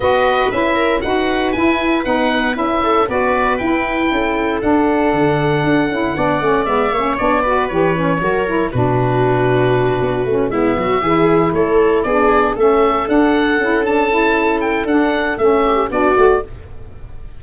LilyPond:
<<
  \new Staff \with { instrumentName = "oboe" } { \time 4/4 \tempo 4 = 117 dis''4 e''4 fis''4 gis''4 | fis''4 e''4 d''4 g''4~ | g''4 fis''2.~ | fis''4 e''4 d''4 cis''4~ |
cis''4 b'2.~ | b'8 e''2 cis''4 d''8~ | d''8 e''4 fis''4. a''4~ | a''8 g''8 fis''4 e''4 d''4 | }
  \new Staff \with { instrumentName = "viola" } { \time 4/4 b'4. ais'8 b'2~ | b'4. a'8 b'2 | a'1 | d''4. cis''4 b'4. |
ais'4 fis'2.~ | fis'8 e'8 fis'8 gis'4 a'4 gis'8~ | gis'8 a'2.~ a'8~ | a'2~ a'8 g'8 fis'4 | }
  \new Staff \with { instrumentName = "saxophone" } { \time 4/4 fis'4 e'4 fis'4 e'4 | dis'4 e'4 fis'4 e'4~ | e'4 d'2~ d'8 e'8 | d'8 cis'8 b8 cis'8 d'8 fis'8 g'8 cis'8 |
fis'8 e'8 d'2. | cis'8 b4 e'2 d'8~ | d'8 cis'4 d'4 e'8 d'8 e'8~ | e'4 d'4 cis'4 d'8 fis'8 | }
  \new Staff \with { instrumentName = "tuba" } { \time 4/4 b4 cis'4 dis'4 e'4 | b4 cis'4 b4 e'4 | cis'4 d'4 d4 d'8 cis'8 | b8 a8 gis8 ais8 b4 e4 |
fis4 b,2~ b,8 b8 | a8 gis8 fis8 e4 a4 b8~ | b8 a4 d'4 cis'4.~ | cis'4 d'4 a4 b8 a8 | }
>>